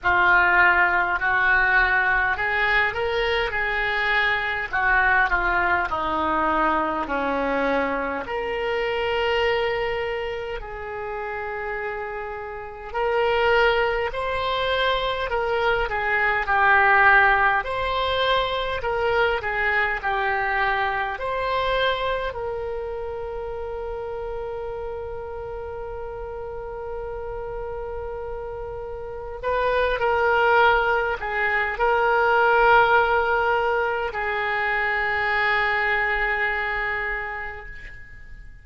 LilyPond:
\new Staff \with { instrumentName = "oboe" } { \time 4/4 \tempo 4 = 51 f'4 fis'4 gis'8 ais'8 gis'4 | fis'8 f'8 dis'4 cis'4 ais'4~ | ais'4 gis'2 ais'4 | c''4 ais'8 gis'8 g'4 c''4 |
ais'8 gis'8 g'4 c''4 ais'4~ | ais'1~ | ais'4 b'8 ais'4 gis'8 ais'4~ | ais'4 gis'2. | }